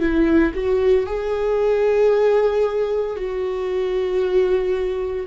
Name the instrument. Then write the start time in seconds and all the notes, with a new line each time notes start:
viola
0.00 E4
0.55 F#4
1.06 G#4
3.16 F#4